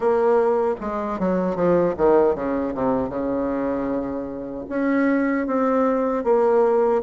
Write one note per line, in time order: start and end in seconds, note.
0.00 0.75 A#3
0.80 1.19 G#3
1.19 1.55 F#3
1.55 1.94 F3
1.97 2.35 D#3
2.35 2.74 C#3
2.74 3.09 C3
3.09 4.65 C#3
4.69 5.46 C#4
5.46 6.24 C4
6.24 7.02 A#3